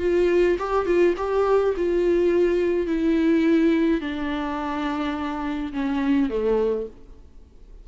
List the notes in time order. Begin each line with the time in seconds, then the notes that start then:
0.00 F4
0.59 G4
0.86 F4
1.17 G4
1.77 F4
2.87 E4
4.01 D4
5.73 C#4
6.30 A3